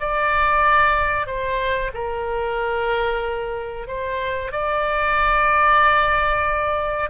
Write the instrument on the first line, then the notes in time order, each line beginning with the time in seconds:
oboe
0.00 D5
1.27 C5
1.94 A#4
3.88 C5
4.52 D5